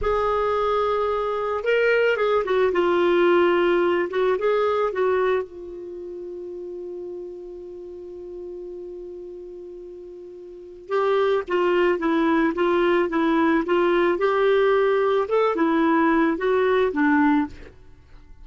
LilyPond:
\new Staff \with { instrumentName = "clarinet" } { \time 4/4 \tempo 4 = 110 gis'2. ais'4 | gis'8 fis'8 f'2~ f'8 fis'8 | gis'4 fis'4 f'2~ | f'1~ |
f'1 | g'4 f'4 e'4 f'4 | e'4 f'4 g'2 | a'8 e'4. fis'4 d'4 | }